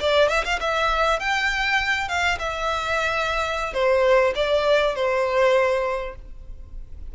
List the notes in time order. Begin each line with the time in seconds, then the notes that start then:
0.00 D5
0.29 E5
0.44 F5
0.61 E5
1.20 G5
2.09 F5
2.39 E5
3.74 C5
4.35 D5
4.95 C5